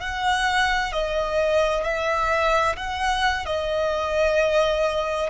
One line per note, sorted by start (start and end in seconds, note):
0.00 0.92 F#5
0.92 1.83 D#5
1.83 2.76 E5
2.77 3.45 F#5
3.45 5.30 D#5